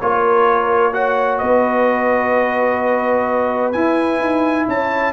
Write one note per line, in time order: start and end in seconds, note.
0.00 1.42 A#3
0.00 0.92 F4
0.00 0.94 A#4
0.00 0.93 C#5
0.92 3.74 F#4
0.92 1.39 C#5
0.92 1.38 F#5
1.38 3.75 B3
1.38 4.68 B4
1.38 3.72 D#5
3.72 4.19 E4
3.72 5.13 E4
3.72 4.66 G#5
4.19 4.66 D#4
4.67 5.13 C#4
4.67 5.13 C#5
4.67 5.13 A5